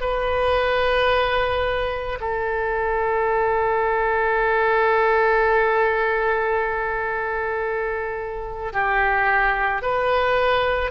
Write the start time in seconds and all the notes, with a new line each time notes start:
0.00 B4
2.20 A4
8.73 G4
9.82 B4